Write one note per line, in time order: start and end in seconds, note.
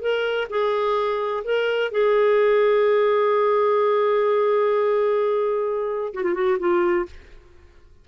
0.00 0.47 A#4
0.49 1.43 G#4
1.44 1.91 A#4
1.91 6.13 G#4
6.13 6.23 F#4
6.23 6.34 F4
6.34 6.57 F#4
6.58 7.05 F4